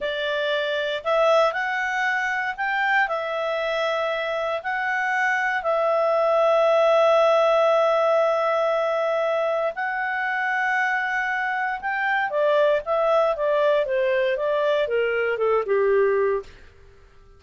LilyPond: \new Staff \with { instrumentName = "clarinet" } { \time 4/4 \tempo 4 = 117 d''2 e''4 fis''4~ | fis''4 g''4 e''2~ | e''4 fis''2 e''4~ | e''1~ |
e''2. fis''4~ | fis''2. g''4 | d''4 e''4 d''4 c''4 | d''4 ais'4 a'8 g'4. | }